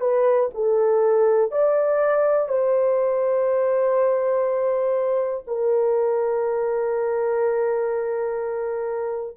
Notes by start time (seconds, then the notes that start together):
0.00 B4
0.54 A4
1.51 D5
2.49 C5
5.47 A#4